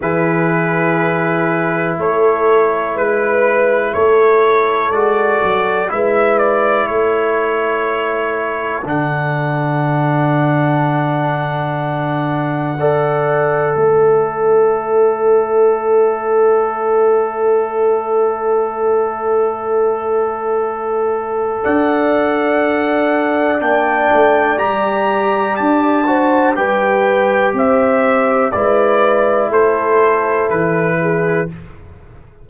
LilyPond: <<
  \new Staff \with { instrumentName = "trumpet" } { \time 4/4 \tempo 4 = 61 b'2 cis''4 b'4 | cis''4 d''4 e''8 d''8 cis''4~ | cis''4 fis''2.~ | fis''2 e''2~ |
e''1~ | e''2 fis''2 | g''4 ais''4 a''4 g''4 | e''4 d''4 c''4 b'4 | }
  \new Staff \with { instrumentName = "horn" } { \time 4/4 gis'2 a'4 b'4 | a'2 b'4 a'4~ | a'1~ | a'4 d''4 cis''2~ |
cis''1~ | cis''2 d''2~ | d''2~ d''8 c''8 b'4 | c''4 b'4 a'4. gis'8 | }
  \new Staff \with { instrumentName = "trombone" } { \time 4/4 e'1~ | e'4 fis'4 e'2~ | e'4 d'2.~ | d'4 a'2.~ |
a'1~ | a'1 | d'4 g'4. fis'8 g'4~ | g'4 e'2. | }
  \new Staff \with { instrumentName = "tuba" } { \time 4/4 e2 a4 gis4 | a4 gis8 fis8 gis4 a4~ | a4 d2.~ | d2 a2~ |
a1~ | a2 d'2 | ais8 a8 g4 d'4 g4 | c'4 gis4 a4 e4 | }
>>